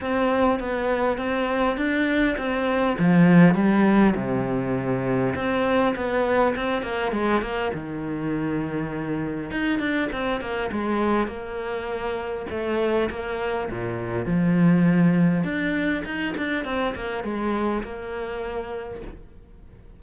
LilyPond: \new Staff \with { instrumentName = "cello" } { \time 4/4 \tempo 4 = 101 c'4 b4 c'4 d'4 | c'4 f4 g4 c4~ | c4 c'4 b4 c'8 ais8 | gis8 ais8 dis2. |
dis'8 d'8 c'8 ais8 gis4 ais4~ | ais4 a4 ais4 ais,4 | f2 d'4 dis'8 d'8 | c'8 ais8 gis4 ais2 | }